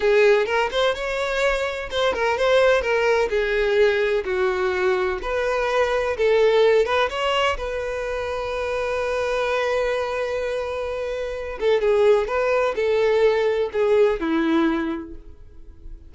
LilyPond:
\new Staff \with { instrumentName = "violin" } { \time 4/4 \tempo 4 = 127 gis'4 ais'8 c''8 cis''2 | c''8 ais'8 c''4 ais'4 gis'4~ | gis'4 fis'2 b'4~ | b'4 a'4. b'8 cis''4 |
b'1~ | b'1~ | b'8 a'8 gis'4 b'4 a'4~ | a'4 gis'4 e'2 | }